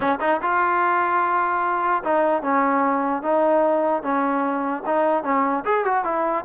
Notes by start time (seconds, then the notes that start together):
0.00 C#4
0.20 D#4
0.42 F4
2.03 D#4
2.42 C#4
3.22 D#4
4.02 C#4
4.86 D#4
5.23 C#4
5.64 G#4
5.84 F#4
6.04 E4